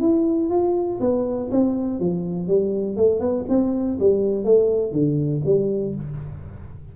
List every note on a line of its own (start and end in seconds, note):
0.00 0.50 E4
0.50 0.99 F4
1.00 1.50 B3
1.51 1.99 C4
1.99 2.48 F3
2.48 2.96 G3
2.96 3.20 A3
3.20 3.45 B3
3.49 3.98 C4
3.99 4.44 G3
4.44 4.92 A3
4.92 5.41 D3
5.45 5.95 G3